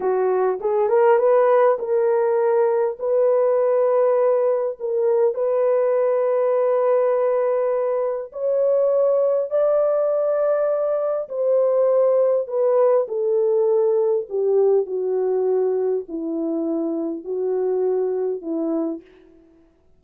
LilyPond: \new Staff \with { instrumentName = "horn" } { \time 4/4 \tempo 4 = 101 fis'4 gis'8 ais'8 b'4 ais'4~ | ais'4 b'2. | ais'4 b'2.~ | b'2 cis''2 |
d''2. c''4~ | c''4 b'4 a'2 | g'4 fis'2 e'4~ | e'4 fis'2 e'4 | }